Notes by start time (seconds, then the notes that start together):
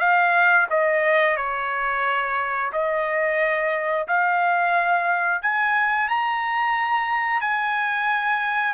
0.00 F5
0.70 D#5
1.37 C#5
2.73 D#5
4.08 F5
5.42 G#5
6.09 A#5
7.41 G#5